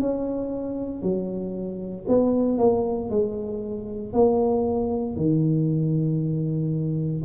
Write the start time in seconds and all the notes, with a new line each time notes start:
0.00 C#4
1.03 F#3
2.08 B3
2.58 A#3
3.10 G#3
4.13 A#3
5.16 D#3